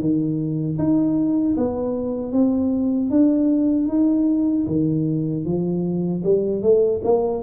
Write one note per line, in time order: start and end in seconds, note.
0.00 0.78 D#3
0.78 1.56 D#4
1.57 2.32 B3
2.32 3.10 C4
3.10 3.88 D4
3.88 4.66 D#4
4.67 5.45 D#3
5.45 6.23 F3
6.24 6.62 G3
6.62 7.01 A3
7.04 7.43 A#3